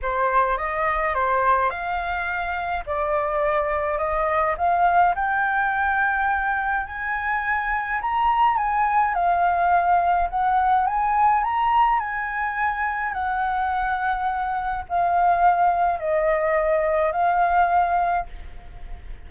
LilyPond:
\new Staff \with { instrumentName = "flute" } { \time 4/4 \tempo 4 = 105 c''4 dis''4 c''4 f''4~ | f''4 d''2 dis''4 | f''4 g''2. | gis''2 ais''4 gis''4 |
f''2 fis''4 gis''4 | ais''4 gis''2 fis''4~ | fis''2 f''2 | dis''2 f''2 | }